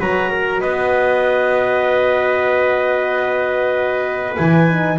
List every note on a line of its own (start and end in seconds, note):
0.00 0.62 F#3
0.00 4.36 F#4
0.00 0.30 B4
0.00 0.60 A#5
0.30 0.61 A#4
0.60 4.38 B3
0.60 4.99 B4
0.60 4.35 D#5
4.36 4.99 E3
4.36 4.68 E4
4.36 4.98 G#5
4.68 4.99 D#4